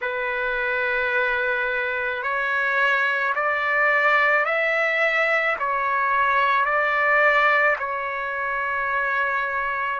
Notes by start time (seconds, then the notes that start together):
0.01 B4
2.22 C#5
3.35 D5
4.45 E5
5.59 C#5
6.65 D5
7.78 C#5